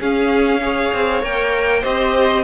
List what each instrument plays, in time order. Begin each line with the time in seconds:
0.00 cello C#4, viola C#4, violin G#4 F5
0.62 viola G#4, violin C#5
0.94 cello C4
1.22 cello A#3, viola A#4, violin G5
1.81 cello C4, viola G4, violin C5 D#5